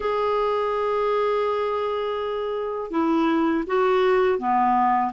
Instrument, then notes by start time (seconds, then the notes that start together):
clarinet
0.00 G#4
2.91 E4
3.66 F#4
4.38 B3